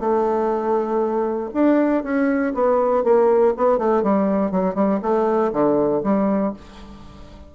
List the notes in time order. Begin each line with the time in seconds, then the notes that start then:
0.00 A3
1.54 D4
2.04 C#4
2.54 B3
3.04 A#3
3.57 B3
3.79 A3
4.03 G3
4.51 F#3
4.75 G3
5.02 A3
5.53 D3
6.04 G3